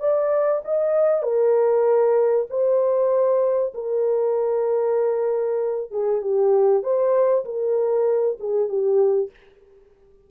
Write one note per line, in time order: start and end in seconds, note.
0.00 0.62 D5
0.65 1.23 D#5
1.23 2.47 A#4
2.50 3.74 C5
3.75 5.91 A#4
5.91 6.22 G#4
6.22 6.83 G4
6.83 7.45 C5
7.45 8.38 A#4
8.40 8.69 G#4
8.69 9.30 G4